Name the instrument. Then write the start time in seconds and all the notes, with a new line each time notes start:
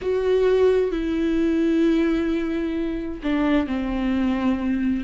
viola
0.01 F#4
0.91 E4
3.23 D4
3.66 C4